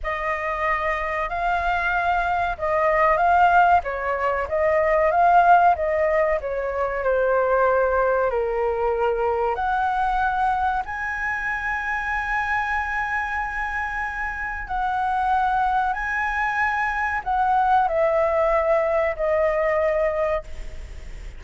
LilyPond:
\new Staff \with { instrumentName = "flute" } { \time 4/4 \tempo 4 = 94 dis''2 f''2 | dis''4 f''4 cis''4 dis''4 | f''4 dis''4 cis''4 c''4~ | c''4 ais'2 fis''4~ |
fis''4 gis''2.~ | gis''2. fis''4~ | fis''4 gis''2 fis''4 | e''2 dis''2 | }